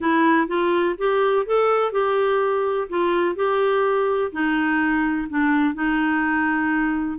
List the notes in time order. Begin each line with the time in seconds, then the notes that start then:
0.00 E4
0.47 F4
0.98 G4
1.46 A4
1.92 G4
2.89 F4
3.35 G4
4.32 D#4
5.29 D4
5.74 D#4